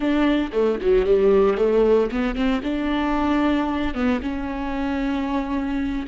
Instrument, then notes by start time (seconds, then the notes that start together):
viola
0.00 D4
0.52 A3
0.81 F#3
1.05 G3
1.57 A3
2.11 B3
2.35 C4
2.63 D4
3.94 B3
4.22 C#4